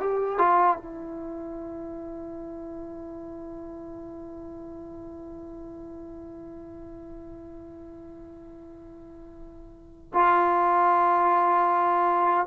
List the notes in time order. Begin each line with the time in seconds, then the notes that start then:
0.00 G4
0.39 F4
0.77 E4
10.14 F4